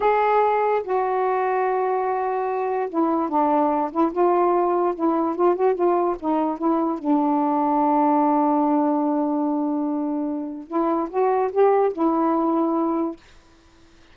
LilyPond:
\new Staff \with { instrumentName = "saxophone" } { \time 4/4 \tempo 4 = 146 gis'2 fis'2~ | fis'2. e'4 | d'4. e'8 f'2 | e'4 f'8 fis'8 f'4 dis'4 |
e'4 d'2.~ | d'1~ | d'2 e'4 fis'4 | g'4 e'2. | }